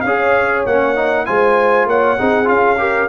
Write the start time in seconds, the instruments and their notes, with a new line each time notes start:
0.00 tuba C#4, trombone G#4, horn C#5, trumpet F5
0.66 tuba A#3, trombone C#4, trumpet F#5
0.96 trombone D#4
1.26 tuba G#3, trombone F4, horn C5, trumpet G#5
1.86 tuba A#3, horn C#5, trumpet F#5
2.18 tuba C4, trombone D#4, horn G#4
2.45 tuba C#4, trombone F4, trumpet F5
2.78 trombone G4, horn A#4